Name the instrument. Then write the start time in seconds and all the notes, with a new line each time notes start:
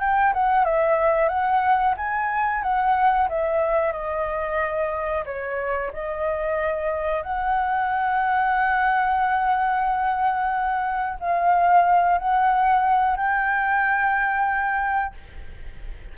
flute
0.00 G5
0.33 F#5
0.64 E5
1.29 F#5
1.97 G#5
2.63 F#5
3.29 E5
3.92 D#5
5.25 C#5
5.93 D#5
7.22 F#5
11.20 F5
12.18 F#5
13.17 G5